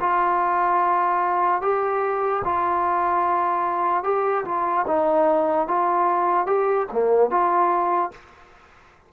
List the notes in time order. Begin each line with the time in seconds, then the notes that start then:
0.00 F4
1.61 G4
2.44 F4
4.04 G4
4.45 F4
4.87 D#4
5.68 F4
6.46 G4
6.92 A#3
7.30 F4